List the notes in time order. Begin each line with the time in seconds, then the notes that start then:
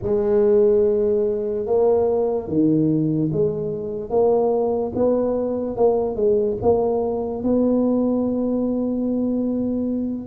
0.02 G#3
1.66 A#3
2.48 D#3
3.31 G#3
4.09 A#3
4.95 B3
5.76 A#3
6.15 G#3
6.62 A#3
7.43 B3